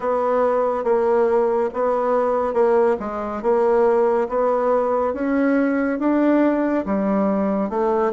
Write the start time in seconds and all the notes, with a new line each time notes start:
0.00 B3
0.84 A#3
1.73 B3
2.53 A#3
2.99 G#3
3.42 A#3
4.29 B3
5.13 C#4
5.99 D4
6.85 G3
7.69 A3